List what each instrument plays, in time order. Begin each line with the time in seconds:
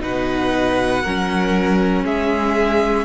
0.00 cello B2, viola D#4, violin B4 F#5
1.03 cello F#3, viola C#4, violin A#4
2.04 cello G#3, violin G#4 E5